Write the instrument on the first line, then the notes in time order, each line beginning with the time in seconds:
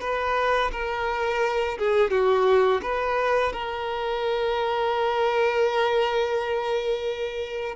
violin
0.00 B4
0.72 A#4
1.78 G#4
2.10 F#4
2.82 B4
3.52 A#4